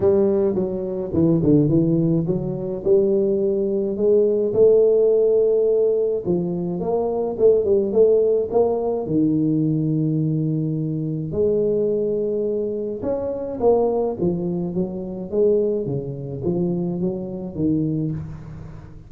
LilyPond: \new Staff \with { instrumentName = "tuba" } { \time 4/4 \tempo 4 = 106 g4 fis4 e8 d8 e4 | fis4 g2 gis4 | a2. f4 | ais4 a8 g8 a4 ais4 |
dis1 | gis2. cis'4 | ais4 f4 fis4 gis4 | cis4 f4 fis4 dis4 | }